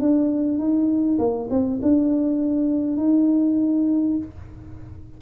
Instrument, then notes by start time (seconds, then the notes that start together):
tuba
0.00 D4
0.58 D#4
1.19 A#3
1.51 C4
1.82 D4
2.97 D#4